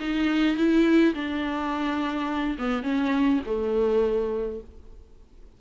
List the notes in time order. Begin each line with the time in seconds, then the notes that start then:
0.00 D#4
0.57 E4
1.14 D4
2.58 B3
2.83 C#4
3.46 A3